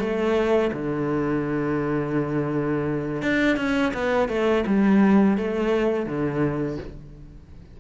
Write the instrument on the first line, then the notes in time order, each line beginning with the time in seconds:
cello
0.00 A3
0.73 D3
3.23 D4
3.57 C#4
3.94 B3
4.29 A3
4.67 G3
5.38 A3
6.07 D3